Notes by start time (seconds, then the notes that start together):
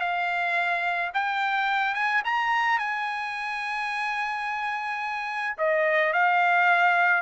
0.00 F5
1.14 G5
1.94 G#5
2.24 A#5
2.79 G#5
5.58 D#5
6.13 F5